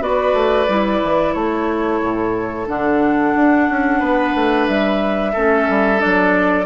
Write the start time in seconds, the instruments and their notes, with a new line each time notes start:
0.00 bassoon B3, clarinet F#4, oboe B4, flute D5
0.33 bassoon A3
0.68 bassoon G3, clarinet E4
1.03 bassoon E3
1.33 bassoon A3, oboe A4, flute C#5
2.00 bassoon A2
2.66 bassoon D3, clarinet D4, flute F#5
3.35 bassoon D4
3.69 bassoon C#4
3.98 bassoon B3, oboe B4
4.34 bassoon A3
4.67 bassoon G3, flute E5
5.32 bassoon A3, clarinet C#4, oboe A4
5.68 bassoon G3
5.98 clarinet D4, flute D5
6.04 bassoon F#3